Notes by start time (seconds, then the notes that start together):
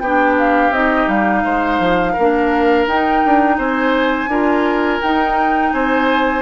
0.00 B3 D4 G4 G5
0.39 F5
0.71 C4 D#4 D#5
1.08 G3 F5
1.44 G#3 C5
1.80 F3
2.13 A#3 A#4
2.20 D4
2.87 D#4 G5
3.26 D4
3.59 C4 C5 G#5
4.28 D4 F4 A#4
5.02 D#4 G5
5.73 C4 C5 G#5